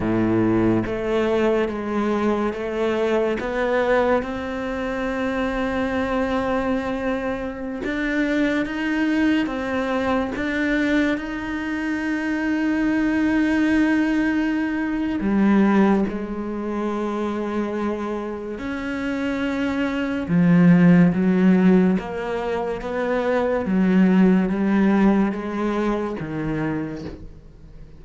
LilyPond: \new Staff \with { instrumentName = "cello" } { \time 4/4 \tempo 4 = 71 a,4 a4 gis4 a4 | b4 c'2.~ | c'4~ c'16 d'4 dis'4 c'8.~ | c'16 d'4 dis'2~ dis'8.~ |
dis'2 g4 gis4~ | gis2 cis'2 | f4 fis4 ais4 b4 | fis4 g4 gis4 dis4 | }